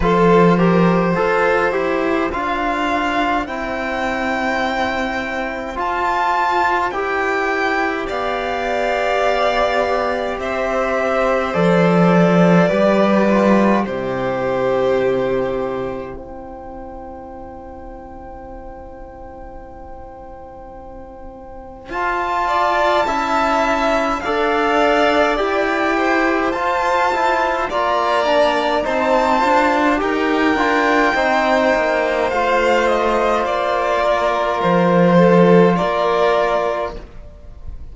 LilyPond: <<
  \new Staff \with { instrumentName = "violin" } { \time 4/4 \tempo 4 = 52 c''2 f''4 g''4~ | g''4 a''4 g''4 f''4~ | f''4 e''4 d''2 | c''2 g''2~ |
g''2. a''4~ | a''4 f''4 g''4 a''4 | ais''4 a''4 g''2 | f''8 dis''8 d''4 c''4 d''4 | }
  \new Staff \with { instrumentName = "violin" } { \time 4/4 a'8 ais'8 c''2.~ | c''2. d''4~ | d''4 c''2 b'4 | g'2 c''2~ |
c''2.~ c''8 d''8 | e''4 d''4. c''4. | d''4 c''4 ais'4 c''4~ | c''4. ais'4 a'8 ais'4 | }
  \new Staff \with { instrumentName = "trombone" } { \time 4/4 f'8 g'8 a'8 g'8 f'4 e'4~ | e'4 f'4 g'2~ | g'2 a'4 g'8 f'8 | e'1~ |
e'2. f'4 | e'4 a'4 g'4 f'8 e'8 | f'8 d'8 dis'8 f'8 g'8 f'8 dis'4 | f'1 | }
  \new Staff \with { instrumentName = "cello" } { \time 4/4 f4 f'8 e'8 d'4 c'4~ | c'4 f'4 e'4 b4~ | b4 c'4 f4 g4 | c2 c'2~ |
c'2. f'4 | cis'4 d'4 e'4 f'4 | ais4 c'8 d'8 dis'8 d'8 c'8 ais8 | a4 ais4 f4 ais4 | }
>>